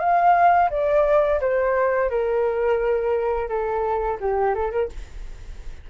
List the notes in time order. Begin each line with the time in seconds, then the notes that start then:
0.00 F5
0.70 D5
1.41 C5
2.10 A#4
3.49 A4
4.20 G4
4.55 A4
4.72 A#4